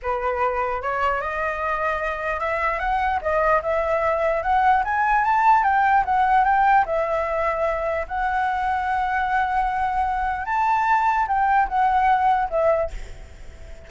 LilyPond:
\new Staff \with { instrumentName = "flute" } { \time 4/4 \tempo 4 = 149 b'2 cis''4 dis''4~ | dis''2 e''4 fis''4 | dis''4 e''2 fis''4 | gis''4 a''4 g''4 fis''4 |
g''4 e''2. | fis''1~ | fis''2 a''2 | g''4 fis''2 e''4 | }